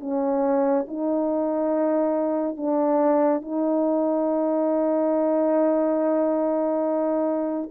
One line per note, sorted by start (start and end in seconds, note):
0.00 0.86 C#4
0.88 2.57 D#4
2.57 3.41 D4
3.41 7.70 D#4